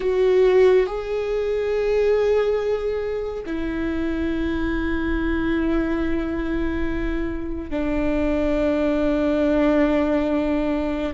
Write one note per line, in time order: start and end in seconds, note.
0.00 0.86 F#4
0.86 3.43 G#4
3.46 7.70 E4
7.70 11.13 D4